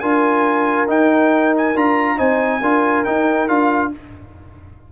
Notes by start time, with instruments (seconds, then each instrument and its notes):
0.00 tuba D4, trombone F4, horn A#4, trumpet G#5
0.88 trombone D#4, tuba D#4, trumpet G5
1.58 trumpet G#5
1.75 tuba D4, trombone F4, trumpet A#5
2.17 tuba C4, trombone D#4, horn C5, trumpet G#5
2.61 tuba D4, trombone F4, horn A#4
3.05 trombone D#4, tuba D#4, trumpet G5
3.48 tuba D4, trombone F4, trumpet F5